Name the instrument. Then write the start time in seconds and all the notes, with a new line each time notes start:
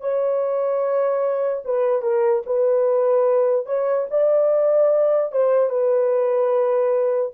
horn
0.00 C#5
1.64 B4
2.02 A#4
2.45 B4
3.66 C#5
4.10 D5
5.31 C5
5.69 B4